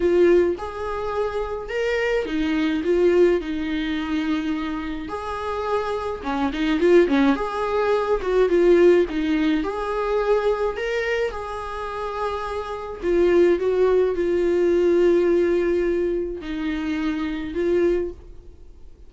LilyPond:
\new Staff \with { instrumentName = "viola" } { \time 4/4 \tempo 4 = 106 f'4 gis'2 ais'4 | dis'4 f'4 dis'2~ | dis'4 gis'2 cis'8 dis'8 | f'8 cis'8 gis'4. fis'8 f'4 |
dis'4 gis'2 ais'4 | gis'2. f'4 | fis'4 f'2.~ | f'4 dis'2 f'4 | }